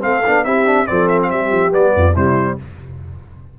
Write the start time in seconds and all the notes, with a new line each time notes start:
0.00 A3 C4 A4 F5
0.27 B3 D4
0.44 C4 E4 G4 E5
0.66 D4
0.86 F3 C4 A4 D5
1.08 E5
1.22 F5
1.29 G3 G4 E5
1.51 F3
1.70 G3 B3 D5
1.94 F2 F4
2.13 C3 G3 E4 C5